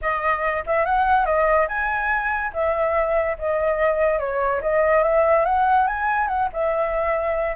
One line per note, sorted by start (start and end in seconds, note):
0.01 0.64 D#5
0.66 0.85 E5
0.85 1.25 F#5
1.25 1.67 D#5
1.68 2.52 G#5
2.53 3.37 E5
3.38 4.19 D#5
4.19 4.61 C#5
4.61 5.03 D#5
5.03 5.45 E5
5.45 5.87 F#5
5.87 6.27 G#5
6.27 6.48 F#5
6.52 7.56 E5